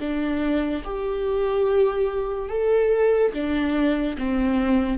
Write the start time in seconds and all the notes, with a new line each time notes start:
0.00 D4
0.84 G4
2.50 A4
3.34 D4
4.18 C4